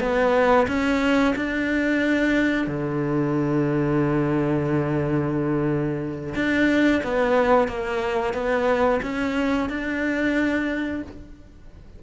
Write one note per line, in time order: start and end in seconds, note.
0.00 0.67 B3
0.68 1.34 C#4
1.36 2.67 D4
2.67 6.34 D3
6.35 7.02 D4
7.04 7.68 B3
7.68 8.34 A#3
8.34 9.00 B3
9.03 9.69 C#4
9.69 11.03 D4